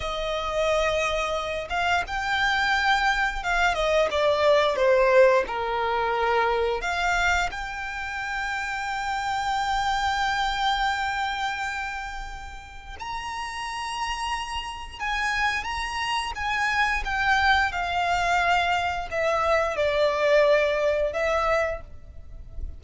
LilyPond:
\new Staff \with { instrumentName = "violin" } { \time 4/4 \tempo 4 = 88 dis''2~ dis''8 f''8 g''4~ | g''4 f''8 dis''8 d''4 c''4 | ais'2 f''4 g''4~ | g''1~ |
g''2. ais''4~ | ais''2 gis''4 ais''4 | gis''4 g''4 f''2 | e''4 d''2 e''4 | }